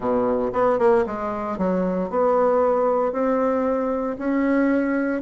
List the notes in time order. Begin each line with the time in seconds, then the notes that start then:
0.00 B2
0.52 B3
0.78 A#3
1.06 G#3
1.58 F#3
2.09 B3
3.12 C4
4.18 C#4